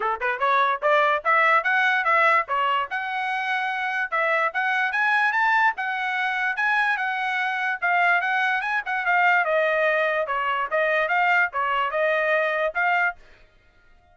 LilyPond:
\new Staff \with { instrumentName = "trumpet" } { \time 4/4 \tempo 4 = 146 a'8 b'8 cis''4 d''4 e''4 | fis''4 e''4 cis''4 fis''4~ | fis''2 e''4 fis''4 | gis''4 a''4 fis''2 |
gis''4 fis''2 f''4 | fis''4 gis''8 fis''8 f''4 dis''4~ | dis''4 cis''4 dis''4 f''4 | cis''4 dis''2 f''4 | }